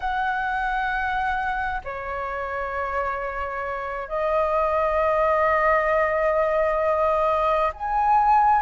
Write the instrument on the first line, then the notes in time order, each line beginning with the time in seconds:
flute
0.00 F#5
1.84 C#5
4.08 D#5
7.73 G#5